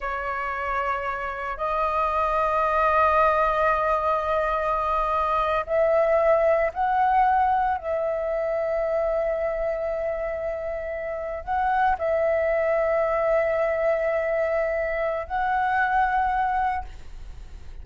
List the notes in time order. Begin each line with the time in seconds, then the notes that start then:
0.00 C#5
1.57 D#5
5.66 E5
6.73 F#5
7.77 E5
11.44 F#5
11.98 E5
15.26 F#5